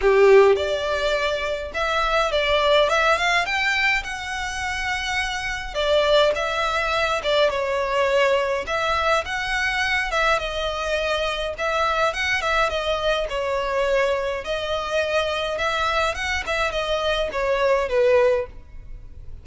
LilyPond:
\new Staff \with { instrumentName = "violin" } { \time 4/4 \tempo 4 = 104 g'4 d''2 e''4 | d''4 e''8 f''8 g''4 fis''4~ | fis''2 d''4 e''4~ | e''8 d''8 cis''2 e''4 |
fis''4. e''8 dis''2 | e''4 fis''8 e''8 dis''4 cis''4~ | cis''4 dis''2 e''4 | fis''8 e''8 dis''4 cis''4 b'4 | }